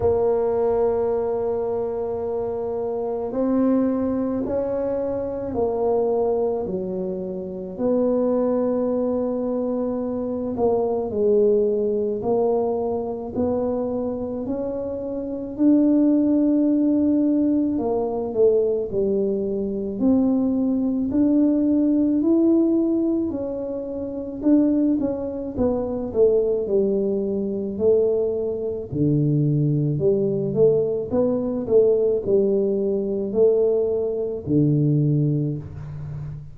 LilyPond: \new Staff \with { instrumentName = "tuba" } { \time 4/4 \tempo 4 = 54 ais2. c'4 | cis'4 ais4 fis4 b4~ | b4. ais8 gis4 ais4 | b4 cis'4 d'2 |
ais8 a8 g4 c'4 d'4 | e'4 cis'4 d'8 cis'8 b8 a8 | g4 a4 d4 g8 a8 | b8 a8 g4 a4 d4 | }